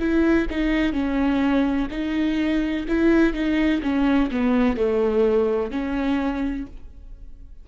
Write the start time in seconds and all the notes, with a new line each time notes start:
0.00 E4
0.51 D#4
0.93 C#4
1.91 D#4
2.89 E4
3.34 D#4
3.83 C#4
4.32 B3
4.77 A3
5.72 C#4